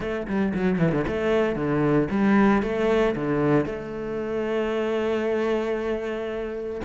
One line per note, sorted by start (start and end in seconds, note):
0.00 0.26 A3
0.27 0.53 G3
0.54 0.78 F#3
0.78 0.92 E3
0.92 1.05 D3
1.07 1.55 A3
1.55 2.08 D3
2.10 2.62 G3
2.62 3.15 A3
3.15 3.65 D3
3.65 6.81 A3